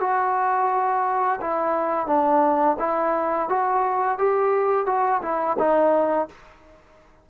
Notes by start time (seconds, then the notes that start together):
0.00 F#4
1.41 E4
2.07 D4
2.79 E4
3.49 F#4
4.18 G4
4.86 F#4
5.22 E4
5.58 D#4